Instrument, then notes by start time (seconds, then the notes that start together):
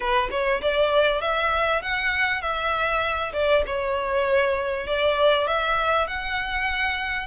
violin
0.00 B4
0.30 C#5
0.61 D5
1.21 E5
1.82 F#5
2.41 E5
3.33 D5
3.66 C#5
4.87 D5
5.47 E5
6.07 F#5